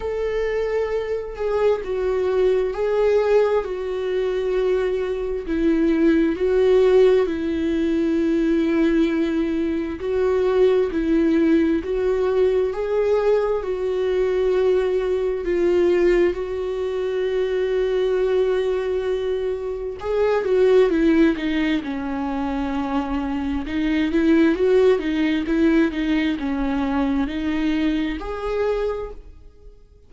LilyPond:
\new Staff \with { instrumentName = "viola" } { \time 4/4 \tempo 4 = 66 a'4. gis'8 fis'4 gis'4 | fis'2 e'4 fis'4 | e'2. fis'4 | e'4 fis'4 gis'4 fis'4~ |
fis'4 f'4 fis'2~ | fis'2 gis'8 fis'8 e'8 dis'8 | cis'2 dis'8 e'8 fis'8 dis'8 | e'8 dis'8 cis'4 dis'4 gis'4 | }